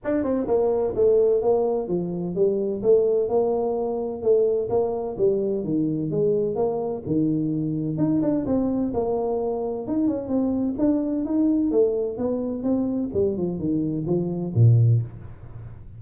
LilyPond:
\new Staff \with { instrumentName = "tuba" } { \time 4/4 \tempo 4 = 128 d'8 c'8 ais4 a4 ais4 | f4 g4 a4 ais4~ | ais4 a4 ais4 g4 | dis4 gis4 ais4 dis4~ |
dis4 dis'8 d'8 c'4 ais4~ | ais4 dis'8 cis'8 c'4 d'4 | dis'4 a4 b4 c'4 | g8 f8 dis4 f4 ais,4 | }